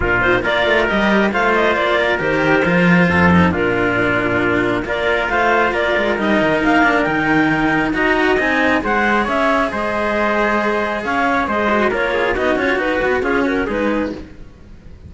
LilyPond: <<
  \new Staff \with { instrumentName = "clarinet" } { \time 4/4 \tempo 4 = 136 ais'8 c''8 d''4 dis''4 f''8 dis''8 | d''4 c''2. | ais'2. d''4 | f''4 d''4 dis''4 f''4 |
g''2 ais''4 gis''4 | fis''4 e''4 dis''2~ | dis''4 f''4 dis''4 cis''4 | dis''8 cis''8 b'4 gis'8 ais'8 b'4 | }
  \new Staff \with { instrumentName = "trumpet" } { \time 4/4 f'4 ais'2 c''4~ | c''8 ais'2~ ais'8 a'4 | f'2. ais'4 | c''4 ais'2.~ |
ais'2 dis''2 | c''4 cis''4 c''2~ | c''4 cis''4 c''4 ais'8 gis'8 | fis'2 f'8 fis'8 gis'4 | }
  \new Staff \with { instrumentName = "cello" } { \time 4/4 d'8 dis'8 f'4 g'4 f'4~ | f'4 g'4 f'4. dis'8 | d'2. f'4~ | f'2 dis'4. d'8 |
dis'2 fis'4 dis'4 | gis'1~ | gis'2~ gis'8 fis'8 f'4 | dis'8 f'8 fis'4 cis'4 dis'4 | }
  \new Staff \with { instrumentName = "cello" } { \time 4/4 ais,4 ais8 a8 g4 a4 | ais4 dis4 f4 f,4 | ais,2. ais4 | a4 ais8 gis8 g8 dis8 ais4 |
dis2 dis'4 c'4 | gis4 cis'4 gis2~ | gis4 cis'4 gis4 ais4 | b8 cis'8 dis'8 b8 cis'4 gis4 | }
>>